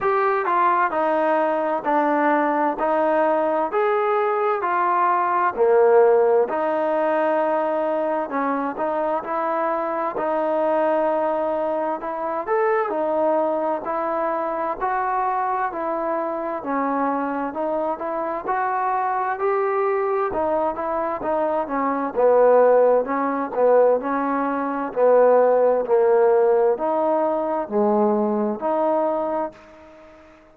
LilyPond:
\new Staff \with { instrumentName = "trombone" } { \time 4/4 \tempo 4 = 65 g'8 f'8 dis'4 d'4 dis'4 | gis'4 f'4 ais4 dis'4~ | dis'4 cis'8 dis'8 e'4 dis'4~ | dis'4 e'8 a'8 dis'4 e'4 |
fis'4 e'4 cis'4 dis'8 e'8 | fis'4 g'4 dis'8 e'8 dis'8 cis'8 | b4 cis'8 b8 cis'4 b4 | ais4 dis'4 gis4 dis'4 | }